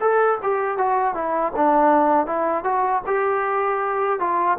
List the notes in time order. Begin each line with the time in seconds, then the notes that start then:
0.00 A4
0.42 G4
0.77 F#4
1.14 E4
1.56 D4
2.26 E4
2.63 F#4
3.06 G4
4.19 F4